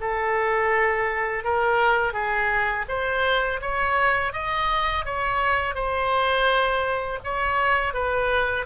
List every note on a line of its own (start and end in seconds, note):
0.00 1.44 A4
1.44 2.13 A#4
2.13 2.85 G#4
2.88 3.60 C5
3.61 4.32 C#5
4.32 5.05 D#5
5.05 5.74 C#5
5.74 7.19 C5
7.24 7.93 C#5
7.93 8.65 B4